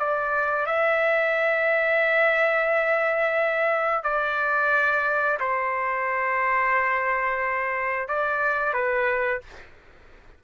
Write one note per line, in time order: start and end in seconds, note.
0.00 0.67 D5
0.67 4.04 E5
4.04 5.39 D5
5.41 8.09 C5
8.09 8.74 D5
8.74 9.41 B4